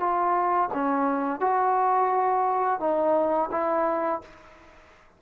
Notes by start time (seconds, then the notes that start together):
0.00 F4
0.74 C#4
1.40 F#4
2.80 D#4
3.52 E4